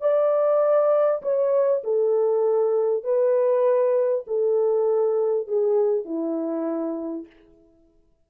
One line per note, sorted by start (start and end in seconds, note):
0.00 1.21 D5
1.22 1.82 C#5
1.83 3.04 A4
3.04 4.25 B4
4.26 5.47 A4
5.47 6.05 G#4
6.05 7.26 E4